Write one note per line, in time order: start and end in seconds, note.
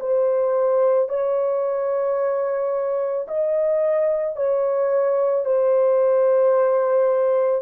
0.00 1.09 C5
1.09 3.27 C#5
3.28 4.36 D#5
4.36 5.45 C#5
5.45 7.62 C5